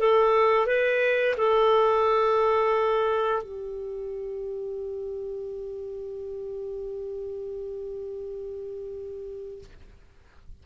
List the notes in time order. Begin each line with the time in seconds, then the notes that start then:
0.00 A4
0.67 B4
1.37 A4
3.43 G4